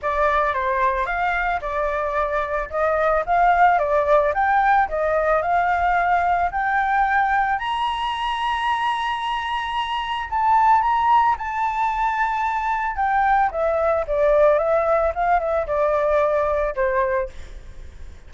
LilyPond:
\new Staff \with { instrumentName = "flute" } { \time 4/4 \tempo 4 = 111 d''4 c''4 f''4 d''4~ | d''4 dis''4 f''4 d''4 | g''4 dis''4 f''2 | g''2 ais''2~ |
ais''2. a''4 | ais''4 a''2. | g''4 e''4 d''4 e''4 | f''8 e''8 d''2 c''4 | }